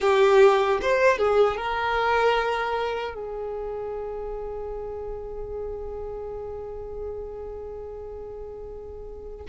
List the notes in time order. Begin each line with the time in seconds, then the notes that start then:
0.00 G4
0.81 C5
1.17 G#4
1.56 A#4
3.14 G#4